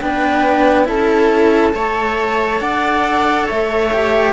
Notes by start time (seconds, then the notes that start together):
0.00 B3 D4 B4 G5
0.84 C#4 E4 A4 A5
1.72 A3 A4 C#5
2.60 D4 D5 F#5
3.45 A3 C#5 E5
3.93 G4